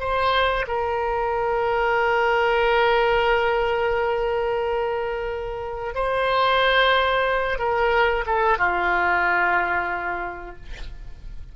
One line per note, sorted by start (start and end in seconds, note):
0.00 0.66 C5
0.67 5.95 A#4
5.95 7.59 C5
7.59 8.25 A#4
8.27 8.58 A4
8.58 10.56 F4